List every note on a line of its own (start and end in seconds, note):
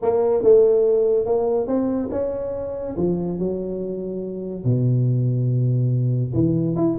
0.02 0.43 A#3
0.43 1.25 A3
1.25 1.67 A#3
1.67 2.09 C4
2.11 2.95 C#4
2.96 3.38 F3
3.38 4.64 F#3
4.64 6.33 B2
6.33 6.75 E3
6.76 6.97 E4